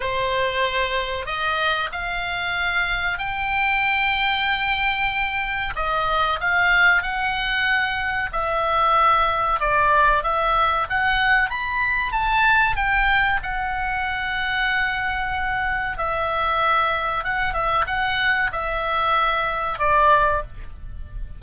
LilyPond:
\new Staff \with { instrumentName = "oboe" } { \time 4/4 \tempo 4 = 94 c''2 dis''4 f''4~ | f''4 g''2.~ | g''4 dis''4 f''4 fis''4~ | fis''4 e''2 d''4 |
e''4 fis''4 b''4 a''4 | g''4 fis''2.~ | fis''4 e''2 fis''8 e''8 | fis''4 e''2 d''4 | }